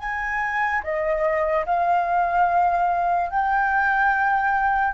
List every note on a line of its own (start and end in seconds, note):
0.00 0.82 G#5
0.84 1.66 D#5
1.66 3.31 F5
3.31 4.94 G5